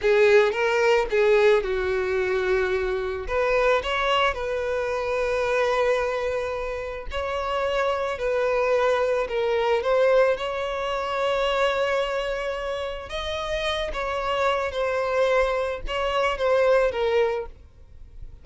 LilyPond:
\new Staff \with { instrumentName = "violin" } { \time 4/4 \tempo 4 = 110 gis'4 ais'4 gis'4 fis'4~ | fis'2 b'4 cis''4 | b'1~ | b'4 cis''2 b'4~ |
b'4 ais'4 c''4 cis''4~ | cis''1 | dis''4. cis''4. c''4~ | c''4 cis''4 c''4 ais'4 | }